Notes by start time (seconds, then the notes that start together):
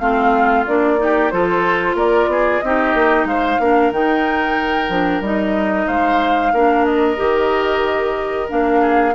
0.00 A3 C4 F4 F5
0.67 A#3 D4 D5
0.98 D#4 G4
1.31 F3 F4 A4 C5
1.95 A#3 A#4 D5
2.27 B3 G#4
2.60 C4 D#4 G4 D#5
2.94 A#3
3.25 G#3 C5 F5
3.60 A#3 D4 A#4
3.92 D#3 D#4 G5
4.89 F3 D4
5.21 G3 D#4 D#5
5.87 G#3 C5 F5
6.53 A#3 D4 A#4
6.86 D#5
7.17 D#3 G4
8.49 A#3 D4 F5
8.81 G#4